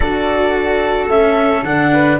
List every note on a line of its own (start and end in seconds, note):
0.00 1.07 D4
0.00 1.10 F#4
0.00 1.91 A4
0.00 1.08 D5
1.07 1.62 A3
1.07 1.65 C#4
1.07 1.64 E5
1.63 2.18 D3
1.63 2.19 D4
1.63 2.19 F#5
1.92 2.19 B4